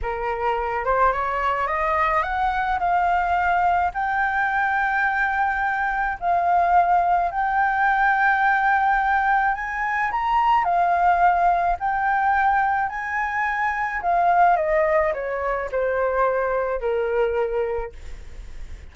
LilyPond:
\new Staff \with { instrumentName = "flute" } { \time 4/4 \tempo 4 = 107 ais'4. c''8 cis''4 dis''4 | fis''4 f''2 g''4~ | g''2. f''4~ | f''4 g''2.~ |
g''4 gis''4 ais''4 f''4~ | f''4 g''2 gis''4~ | gis''4 f''4 dis''4 cis''4 | c''2 ais'2 | }